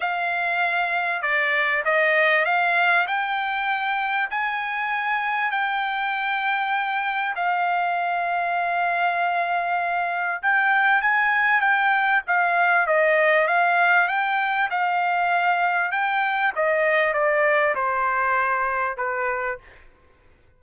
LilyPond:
\new Staff \with { instrumentName = "trumpet" } { \time 4/4 \tempo 4 = 98 f''2 d''4 dis''4 | f''4 g''2 gis''4~ | gis''4 g''2. | f''1~ |
f''4 g''4 gis''4 g''4 | f''4 dis''4 f''4 g''4 | f''2 g''4 dis''4 | d''4 c''2 b'4 | }